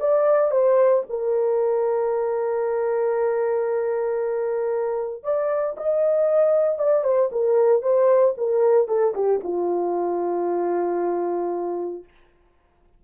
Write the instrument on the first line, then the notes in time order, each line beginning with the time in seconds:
horn
0.00 D5
0.51 C5
1.09 A#4
5.23 D5
5.77 D#5
6.78 D5
7.04 C5
7.31 A#4
7.82 C5
8.37 A#4
8.88 A4
9.14 G4
9.43 F4